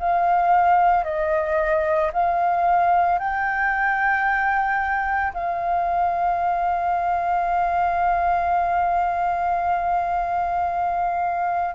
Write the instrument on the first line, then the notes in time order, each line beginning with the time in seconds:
flute
0.00 F5
1.04 D#5
2.13 F5
3.19 G5
5.34 F5